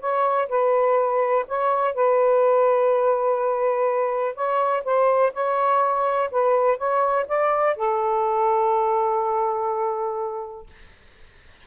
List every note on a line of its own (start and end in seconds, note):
0.00 0.48 C#5
0.49 1.46 B4
1.47 1.94 C#5
1.94 4.35 B4
4.35 4.83 C#5
4.84 5.32 C5
5.33 6.30 C#5
6.31 6.77 B4
6.77 7.26 C#5
7.28 7.76 D5
7.76 10.67 A4